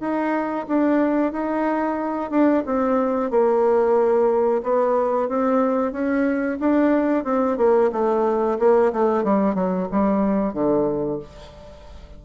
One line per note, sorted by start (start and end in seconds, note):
0.00 0.66 D#4
0.68 1.32 D4
1.32 2.30 D#4
2.30 2.63 D4
2.66 3.30 C4
3.30 4.62 A#3
4.63 5.28 B3
5.28 5.92 C4
5.92 6.58 C#4
6.60 7.24 D4
7.24 7.57 C4
7.57 7.90 A#3
7.92 8.58 A3
8.59 8.92 A#3
8.92 9.23 A3
9.23 9.55 G3
9.55 9.88 F#3
9.91 10.53 G3
10.53 11.19 D3